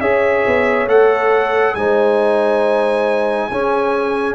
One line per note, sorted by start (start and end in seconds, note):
0.00 0.44 C#4
0.00 0.88 G#4
0.00 1.75 C#5
0.00 0.87 E5
0.46 0.87 B3
0.87 1.74 A3
0.87 1.75 A4
0.87 1.74 F#5
1.74 3.49 G#3
1.74 3.51 D#4
1.74 3.50 C5
1.74 4.34 G#5
3.50 4.34 C#4
3.50 4.34 G#4